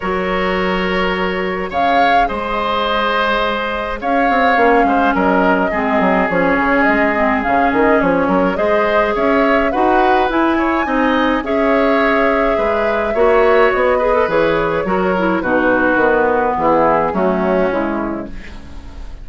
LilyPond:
<<
  \new Staff \with { instrumentName = "flute" } { \time 4/4 \tempo 4 = 105 cis''2. f''4 | dis''2. f''4~ | f''4 dis''2 cis''4 | dis''4 f''8 dis''8 cis''4 dis''4 |
e''4 fis''4 gis''2 | e''1 | dis''4 cis''2 b'4~ | b'4 gis'4 fis'4 e'4 | }
  \new Staff \with { instrumentName = "oboe" } { \time 4/4 ais'2. cis''4 | c''2. cis''4~ | cis''8 c''8 ais'4 gis'2~ | gis'2~ gis'8 ais'8 c''4 |
cis''4 b'4. cis''8 dis''4 | cis''2 b'4 cis''4~ | cis''8 b'4. ais'4 fis'4~ | fis'4 e'4 cis'2 | }
  \new Staff \with { instrumentName = "clarinet" } { \time 4/4 fis'2. gis'4~ | gis'1 | cis'2 c'4 cis'4~ | cis'8 c'8 cis'2 gis'4~ |
gis'4 fis'4 e'4 dis'4 | gis'2. fis'4~ | fis'8 gis'16 a'16 gis'4 fis'8 e'8 dis'4 | b2 a4 gis4 | }
  \new Staff \with { instrumentName = "bassoon" } { \time 4/4 fis2. cis4 | gis2. cis'8 c'8 | ais8 gis8 fis4 gis8 fis8 f8 cis8 | gis4 cis8 dis8 f8 fis8 gis4 |
cis'4 dis'4 e'4 c'4 | cis'2 gis4 ais4 | b4 e4 fis4 b,4 | dis4 e4 fis4 cis4 | }
>>